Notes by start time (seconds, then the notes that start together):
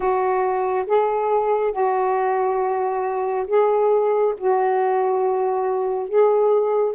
0.00 F#4
0.87 G#4
1.72 F#4
3.47 G#4
4.37 F#4
6.09 G#4